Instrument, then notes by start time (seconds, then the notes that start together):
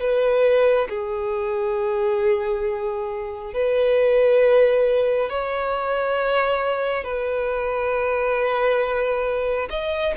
violin
0.00 B4
0.89 G#4
3.54 B4
5.29 C#5
7.04 B4
9.70 D#5